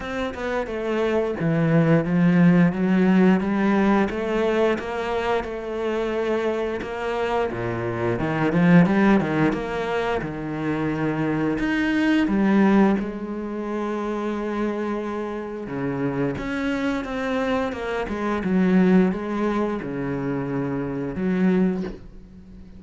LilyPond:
\new Staff \with { instrumentName = "cello" } { \time 4/4 \tempo 4 = 88 c'8 b8 a4 e4 f4 | fis4 g4 a4 ais4 | a2 ais4 ais,4 | dis8 f8 g8 dis8 ais4 dis4~ |
dis4 dis'4 g4 gis4~ | gis2. cis4 | cis'4 c'4 ais8 gis8 fis4 | gis4 cis2 fis4 | }